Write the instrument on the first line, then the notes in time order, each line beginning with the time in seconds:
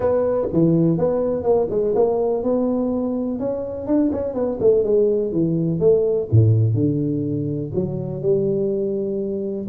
tuba
0.00 B3
0.53 E3
0.98 B3
1.43 A#3
1.70 G#3
1.95 A#3
2.43 B3
3.39 C#4
3.86 D4
4.12 C#4
4.34 B3
4.59 A3
4.83 G#3
5.31 E3
5.79 A3
6.31 A2
6.74 D3
7.74 F#3
8.22 G3